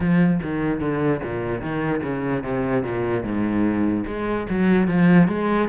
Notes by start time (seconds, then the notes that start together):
0.00 F3
0.42 D#3
0.80 D3
1.23 A#2
1.61 D#3
2.03 C#3
2.43 C3
2.83 A#2
3.23 G#2
4.06 G#3
4.49 F#3
4.87 F3
5.28 G#3